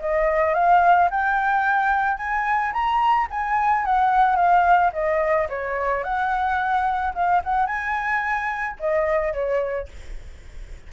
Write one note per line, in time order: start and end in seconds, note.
0.00 0.55 D#5
0.55 1.10 F5
1.11 2.18 G5
2.18 2.73 G#5
2.73 3.28 A#5
3.31 3.86 G#5
3.86 4.37 F#5
4.37 4.92 F5
4.93 5.48 D#5
5.49 6.04 C#5
6.04 7.14 F#5
7.15 7.42 F5
7.44 7.67 F#5
7.67 8.77 G#5
8.80 9.34 D#5
9.34 9.89 C#5